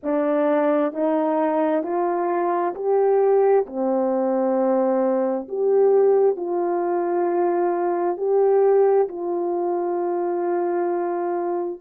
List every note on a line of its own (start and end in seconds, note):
0.03 0.93 D4
0.93 1.83 D#4
1.83 2.74 F4
2.74 3.65 G4
3.66 5.48 C4
5.48 6.36 G4
6.36 8.17 F4
8.17 9.07 G4
9.08 11.81 F4